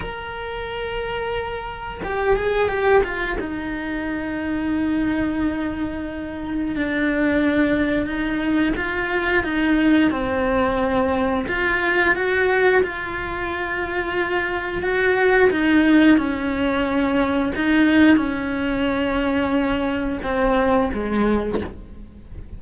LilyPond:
\new Staff \with { instrumentName = "cello" } { \time 4/4 \tempo 4 = 89 ais'2. g'8 gis'8 | g'8 f'8 dis'2.~ | dis'2 d'2 | dis'4 f'4 dis'4 c'4~ |
c'4 f'4 fis'4 f'4~ | f'2 fis'4 dis'4 | cis'2 dis'4 cis'4~ | cis'2 c'4 gis4 | }